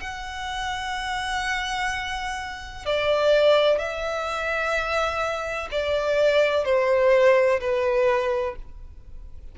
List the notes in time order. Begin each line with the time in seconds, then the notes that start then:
0.00 F#5
2.86 D5
3.78 E5
5.71 D5
6.65 C5
7.60 B4